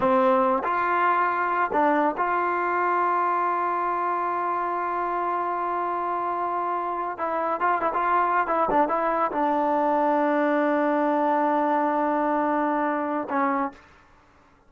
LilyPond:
\new Staff \with { instrumentName = "trombone" } { \time 4/4 \tempo 4 = 140 c'4. f'2~ f'8 | d'4 f'2.~ | f'1~ | f'1~ |
f'8. e'4 f'8 e'16 f'4~ f'16 e'16~ | e'16 d'8 e'4 d'2~ d'16~ | d'1~ | d'2. cis'4 | }